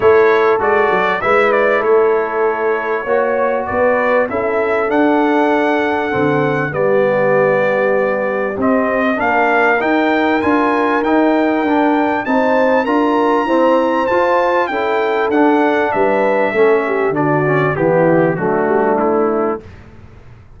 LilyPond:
<<
  \new Staff \with { instrumentName = "trumpet" } { \time 4/4 \tempo 4 = 98 cis''4 d''4 e''8 d''8 cis''4~ | cis''2 d''4 e''4 | fis''2. d''4~ | d''2 dis''4 f''4 |
g''4 gis''4 g''2 | a''4 ais''2 a''4 | g''4 fis''4 e''2 | d''4 g'4 fis'4 e'4 | }
  \new Staff \with { instrumentName = "horn" } { \time 4/4 a'2 b'4 a'4~ | a'4 cis''4 b'4 a'4~ | a'2. g'4~ | g'2. ais'4~ |
ais'1 | c''4 ais'4 c''2 | a'2 b'4 a'8 g'8 | fis'4 e'4 d'2 | }
  \new Staff \with { instrumentName = "trombone" } { \time 4/4 e'4 fis'4 e'2~ | e'4 fis'2 e'4 | d'2 c'4 b4~ | b2 c'4 d'4 |
dis'4 f'4 dis'4 d'4 | dis'4 f'4 c'4 f'4 | e'4 d'2 cis'4 | d'8 cis'8 b4 a2 | }
  \new Staff \with { instrumentName = "tuba" } { \time 4/4 a4 gis8 fis8 gis4 a4~ | a4 ais4 b4 cis'4 | d'2 d4 g4~ | g2 c'4 ais4 |
dis'4 d'4 dis'4 d'4 | c'4 d'4 e'4 f'4 | cis'4 d'4 g4 a4 | d4 e4 fis8 g8 a4 | }
>>